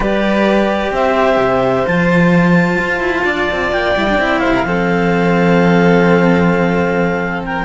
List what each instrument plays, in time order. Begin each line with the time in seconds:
0.00 cello G3 G4, violin B4, clarinet D5
0.91 cello C4, violin C5, clarinet E5
1.37 cello C3
1.86 cello F3 F4, clarinet A5
2.78 cello F4
2.99 cello E4
3.24 cello D4, violin D5
3.51 cello C4
3.71 cello A#3, clarinet G5
3.95 cello G3 E4
4.08 cello D4
4.18 cello C4 E4
4.38 violin C5, clarinet F5
4.45 cello C3
4.54 violin A#4
4.64 cello F3 C4, violin A4
7.45 violin A#4, clarinet G5